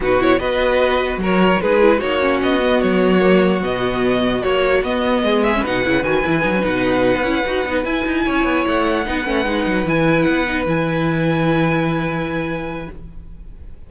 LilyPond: <<
  \new Staff \with { instrumentName = "violin" } { \time 4/4 \tempo 4 = 149 b'8 cis''8 dis''2 cis''4 | b'4 cis''4 dis''4 cis''4~ | cis''4 dis''2 cis''4 | dis''4. e''8 fis''4 gis''4~ |
gis''8 fis''2. gis''8~ | gis''4. fis''2~ fis''8~ | fis''8 gis''4 fis''4 gis''4.~ | gis''1 | }
  \new Staff \with { instrumentName = "violin" } { \time 4/4 fis'4 b'2 ais'4 | gis'4 fis'2.~ | fis'1~ | fis'4 gis'4 b'2~ |
b'1~ | b'8 cis''2 b'4.~ | b'1~ | b'1 | }
  \new Staff \with { instrumentName = "viola" } { \time 4/4 dis'8 e'8 fis'2. | dis'8 e'8 dis'8 cis'4 b4. | ais4 b2 fis4 | b4.~ b16 cis'16 dis'8 e'8 fis'8 e'8 |
dis'16 cis'16 dis'4. e'8 fis'8 dis'8 e'8~ | e'2~ e'8 dis'8 cis'8 dis'8~ | dis'8 e'4. dis'8 e'4.~ | e'1 | }
  \new Staff \with { instrumentName = "cello" } { \time 4/4 b,4 b2 fis4 | gis4 ais4 b4 fis4~ | fis4 b,2 ais4 | b4 gis4 b,8 cis8 dis8 e8 |
fis8 b,4~ b,16 b16 cis'8 dis'8 b8 e'8 | dis'8 cis'8 b8 a4 b8 a8 gis8 | fis8 e4 b4 e4.~ | e1 | }
>>